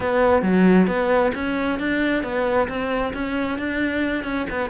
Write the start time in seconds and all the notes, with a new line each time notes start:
0.00 B3
0.42 F#3
0.87 B3
1.34 C#4
1.79 D4
2.23 B3
2.68 C4
3.13 C#4
3.58 D4
4.24 C#4
4.50 B3